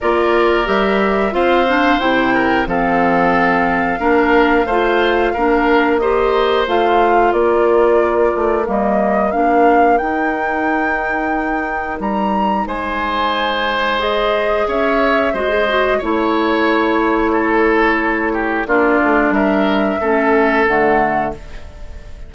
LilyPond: <<
  \new Staff \with { instrumentName = "flute" } { \time 4/4 \tempo 4 = 90 d''4 e''4 f''4 g''4 | f''1~ | f''4 dis''4 f''4 d''4~ | d''4 dis''4 f''4 g''4~ |
g''2 ais''4 gis''4~ | gis''4 dis''4 e''4 dis''4 | cis''1 | d''4 e''2 fis''4 | }
  \new Staff \with { instrumentName = "oboe" } { \time 4/4 ais'2 c''4. ais'8 | a'2 ais'4 c''4 | ais'4 c''2 ais'4~ | ais'1~ |
ais'2. c''4~ | c''2 cis''4 c''4 | cis''2 a'4. g'8 | f'4 ais'4 a'2 | }
  \new Staff \with { instrumentName = "clarinet" } { \time 4/4 f'4 g'4 f'8 d'8 e'4 | c'2 d'4 f'4 | d'4 g'4 f'2~ | f'4 ais4 d'4 dis'4~ |
dis'1~ | dis'4 gis'2 fis'16 gis'16 fis'8 | e'1 | d'2 cis'4 a4 | }
  \new Staff \with { instrumentName = "bassoon" } { \time 4/4 ais4 g4 c'4 c4 | f2 ais4 a4 | ais2 a4 ais4~ | ais8 a8 g4 ais4 dis'4~ |
dis'2 g4 gis4~ | gis2 cis'4 gis4 | a1 | ais8 a8 g4 a4 d4 | }
>>